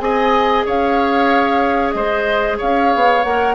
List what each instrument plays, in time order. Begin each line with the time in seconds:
0.00 bassoon C4, clarinet G#4, oboe D#5, flute G#5
0.66 bassoon C#4, oboe C#5, flute F5
1.92 bassoon G#3, oboe C5, flute D#5
2.58 bassoon C#4, oboe C#5, flute F5
2.95 bassoon B3
3.24 bassoon A#3, clarinet A#4, flute F#5